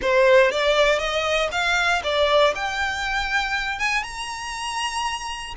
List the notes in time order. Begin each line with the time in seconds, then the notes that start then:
0.01 C5
0.51 D5
0.98 D#5
1.51 F5
2.03 D5
2.55 G5
3.79 G#5
4.03 A#5